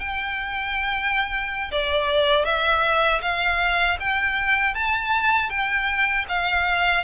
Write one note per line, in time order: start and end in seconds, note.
0.00 1.71 G5
1.72 2.45 D5
2.45 3.21 E5
3.22 3.98 F5
4.00 4.75 G5
4.75 5.50 A5
5.50 6.26 G5
6.29 7.04 F5